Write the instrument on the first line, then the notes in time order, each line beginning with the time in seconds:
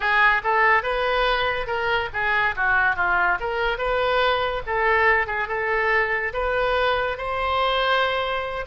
oboe
0.00 G#4
0.43 A4
0.82 B4
1.66 A#4
2.13 G#4
2.55 F#4
2.96 F4
3.40 A#4
3.78 B4
4.66 A4
5.26 G#4
5.48 A4
6.33 B4
7.17 C5